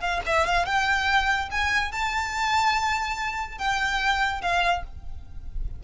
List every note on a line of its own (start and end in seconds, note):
0.00 0.21 F5
0.27 0.46 E5
0.46 0.66 F5
0.66 1.49 G5
1.51 1.92 G#5
1.92 3.58 A5
3.58 4.41 G5
4.42 4.84 F5